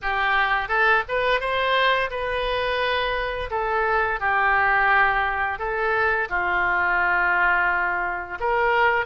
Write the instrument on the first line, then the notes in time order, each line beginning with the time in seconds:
oboe
0.02 G4
0.68 A4
1.08 B4
1.40 C5
2.10 B4
3.50 A4
4.20 G4
5.58 A4
6.29 F4
8.39 A#4